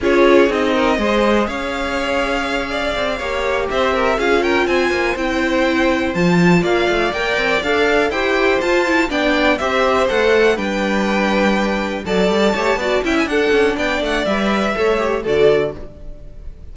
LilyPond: <<
  \new Staff \with { instrumentName = "violin" } { \time 4/4 \tempo 4 = 122 cis''4 dis''2 f''4~ | f''2.~ f''8 e''8~ | e''8 f''8 g''8 gis''4 g''4.~ | g''8 a''4 f''4 g''4 f''8~ |
f''8 g''4 a''4 g''4 e''8~ | e''8 fis''4 g''2~ g''8~ | g''8 a''2 g''16 gis''16 fis''4 | g''8 fis''8 e''2 d''4 | }
  \new Staff \with { instrumentName = "violin" } { \time 4/4 gis'4. ais'8 c''4 cis''4~ | cis''4. d''4 cis''4 c''8 | ais'8 gis'8 ais'8 c''2~ c''8~ | c''4. d''2~ d''8~ |
d''8 c''2 d''4 c''8~ | c''4. b'2~ b'8~ | b'8 d''4 cis''8 d''8 e''8 a'4 | d''2 cis''4 a'4 | }
  \new Staff \with { instrumentName = "viola" } { \time 4/4 f'4 dis'4 gis'2~ | gis'2~ gis'8 g'4.~ | g'8 f'2 e'4.~ | e'8 f'2 ais'4 a'8~ |
a'8 g'4 f'8 e'8 d'4 g'8~ | g'8 a'4 d'2~ d'8~ | d'8 a'4 g'8 fis'8 e'8 d'4~ | d'4 b'4 a'8 g'8 fis'4 | }
  \new Staff \with { instrumentName = "cello" } { \time 4/4 cis'4 c'4 gis4 cis'4~ | cis'2 c'8 ais4 c'8~ | c'8 cis'4 c'8 ais8 c'4.~ | c'8 f4 ais8 a8 ais8 c'8 d'8~ |
d'8 e'4 f'4 b4 c'8~ | c'8 a4 g2~ g8~ | g8 fis8 g8 a8 b8 cis'8 d'8 cis'8 | b8 a8 g4 a4 d4 | }
>>